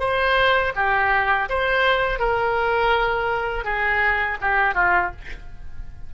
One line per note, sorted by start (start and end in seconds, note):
0.00 0.73 C5
0.76 1.49 G4
1.50 2.20 C5
2.20 3.65 A#4
3.65 4.38 G#4
4.41 4.75 G4
4.75 5.12 F4